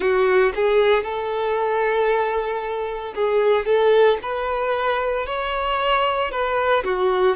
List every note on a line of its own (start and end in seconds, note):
0.00 0.52 F#4
0.55 1.03 G#4
1.03 3.13 A4
3.15 3.65 G#4
3.65 4.18 A4
4.22 5.26 B4
5.26 6.31 C#5
6.31 6.83 B4
6.84 7.36 F#4